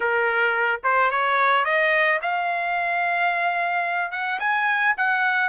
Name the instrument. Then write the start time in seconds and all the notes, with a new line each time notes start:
trumpet
0.00 A#4
0.83 C5
1.10 C#5
1.64 D#5
2.21 F5
4.11 F#5
4.39 G#5
4.97 F#5